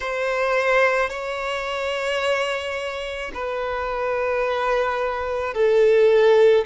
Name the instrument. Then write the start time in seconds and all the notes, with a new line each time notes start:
violin
0.00 C5
1.09 C#5
3.33 B4
5.54 A4